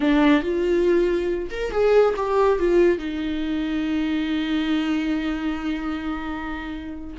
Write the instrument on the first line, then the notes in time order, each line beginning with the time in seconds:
viola
0.00 D4
0.42 F4
1.50 A#4
1.71 G#4
2.16 G4
2.59 F4
2.98 D#4